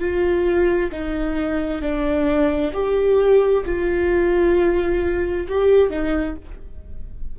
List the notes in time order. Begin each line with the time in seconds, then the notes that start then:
0.00 F4
0.92 D#4
1.82 D4
2.74 G4
3.66 F4
5.48 G4
5.90 D#4